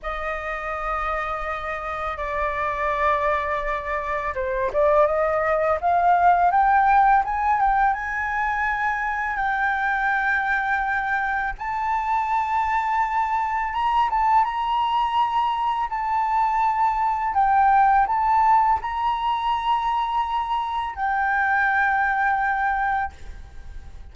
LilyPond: \new Staff \with { instrumentName = "flute" } { \time 4/4 \tempo 4 = 83 dis''2. d''4~ | d''2 c''8 d''8 dis''4 | f''4 g''4 gis''8 g''8 gis''4~ | gis''4 g''2. |
a''2. ais''8 a''8 | ais''2 a''2 | g''4 a''4 ais''2~ | ais''4 g''2. | }